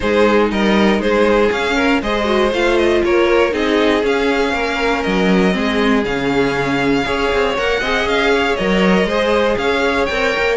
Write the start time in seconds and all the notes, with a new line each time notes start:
0.00 G#3 D#4 G#4 C5
0.51 G3 A#4 D#5
0.99 G#3 G#4 C5
1.50 C#4 F5
1.75 A#4
2.01 G#3 G#4 C5 D#5
2.24 F#4
2.52 A3 F4 F5
2.77 D#5
3.04 A#3 A#4 C#5
3.51 C4 D#4 G#4 D#5
4.03 C#4 F5
4.53 A#3 A#4
5.02 F#3 D#5
5.51 G#3 C4 G#4
6.04 C#3 C#4 F5
7.04 C#4 G#4 C#5
7.32 C4
7.57 A#3 A#4 F#5
7.80 C4 G#4 D#5
8.05 C#4 F5
8.34 C#5
8.56 F#3 A#4 D#5
9.04 G#3 G#4 C5
9.57 C#4 C#5 F5
10.05 C4 A#4 G5
10.37 A#3